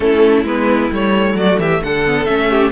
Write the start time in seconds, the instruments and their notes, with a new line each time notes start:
0.00 cello A3, viola C#4, violin E4 A4
0.44 cello G#3, viola B3, violin B4
0.90 cello G3, viola A3, violin C#5
1.34 cello F#3, violin F#4 D5
1.58 cello E3, violin G4 E5
1.83 cello D3, violin A4 F#5
2.06 viola B3
2.24 cello A3, viola C#4, violin E5
2.50 violin G4